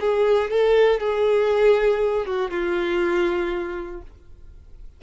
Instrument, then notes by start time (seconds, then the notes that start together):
violin
0.00 G#4
0.51 A4
1.00 G#4
2.26 F#4
2.50 F4